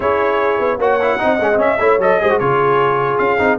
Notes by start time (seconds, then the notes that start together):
0.00 C#4 E4 G#4 C#5
0.59 B3
0.78 A#3 F#4 C#5 F#5
1.01 E4
1.19 C4 D#4 D#5
1.39 G#3 C#4
1.53 C4 C#4
1.60 E5
1.79 A3 E4 C#5
1.98 F#3 A4 D#5
2.21 G#3 G#4 C5
2.30 F#4
2.39 C#3 F4 G#4 C#5
3.18 C#4 F5
3.38 C4 D#4